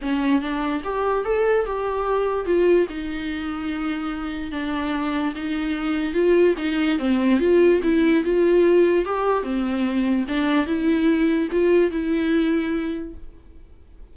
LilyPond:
\new Staff \with { instrumentName = "viola" } { \time 4/4 \tempo 4 = 146 cis'4 d'4 g'4 a'4 | g'2 f'4 dis'4~ | dis'2. d'4~ | d'4 dis'2 f'4 |
dis'4 c'4 f'4 e'4 | f'2 g'4 c'4~ | c'4 d'4 e'2 | f'4 e'2. | }